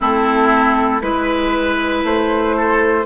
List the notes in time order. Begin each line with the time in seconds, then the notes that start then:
0.00 A3 C4 E4 A4
1.01 G#3 E4 B4
2.03 A3 C5
2.57 A4